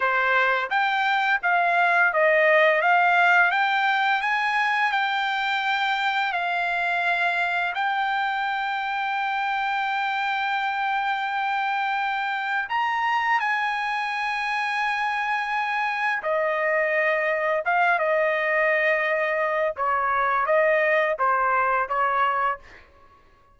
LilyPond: \new Staff \with { instrumentName = "trumpet" } { \time 4/4 \tempo 4 = 85 c''4 g''4 f''4 dis''4 | f''4 g''4 gis''4 g''4~ | g''4 f''2 g''4~ | g''1~ |
g''2 ais''4 gis''4~ | gis''2. dis''4~ | dis''4 f''8 dis''2~ dis''8 | cis''4 dis''4 c''4 cis''4 | }